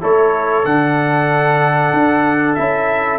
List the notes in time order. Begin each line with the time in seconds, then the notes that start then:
0.00 A3 E4 A4 C#5
0.64 D3 D4 F#5
1.93 D4
2.54 C#4 E4 E5